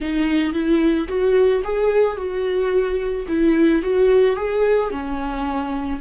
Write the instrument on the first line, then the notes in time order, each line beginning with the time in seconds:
viola
0.00 D#4
0.53 E4
1.08 F#4
1.63 G#4
2.16 F#4
3.28 E4
3.82 F#4
4.36 G#4
4.91 C#4